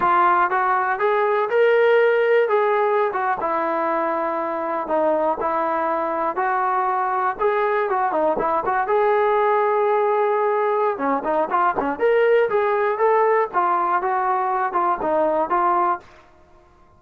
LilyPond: \new Staff \with { instrumentName = "trombone" } { \time 4/4 \tempo 4 = 120 f'4 fis'4 gis'4 ais'4~ | ais'4 gis'4~ gis'16 fis'8 e'4~ e'16~ | e'4.~ e'16 dis'4 e'4~ e'16~ | e'8. fis'2 gis'4 fis'16~ |
fis'16 dis'8 e'8 fis'8 gis'2~ gis'16~ | gis'2 cis'8 dis'8 f'8 cis'8 | ais'4 gis'4 a'4 f'4 | fis'4. f'8 dis'4 f'4 | }